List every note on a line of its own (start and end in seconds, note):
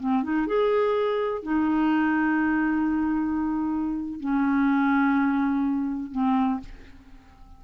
0.00 0.24 C4
0.24 0.47 D#4
0.47 1.43 G#4
1.43 4.20 D#4
4.20 6.12 C#4
6.12 6.60 C4